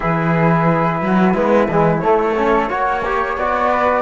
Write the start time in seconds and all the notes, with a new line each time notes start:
0.00 E3 E4 G#4 B4
1.01 F#3 F#4
1.33 G#3 B3 E4
1.68 E3 G#3
1.99 A3 C#5
2.06 A3
2.36 C#4 A4
2.69 A#3 F#4 C#5
3.04 G4
3.37 B3 F#4 D5
3.71 B4